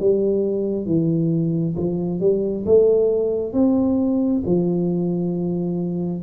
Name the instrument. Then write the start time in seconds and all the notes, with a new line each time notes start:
tuba
0.00 G3
0.86 E3
1.77 F3
2.21 G3
2.66 A3
3.53 C4
4.46 F3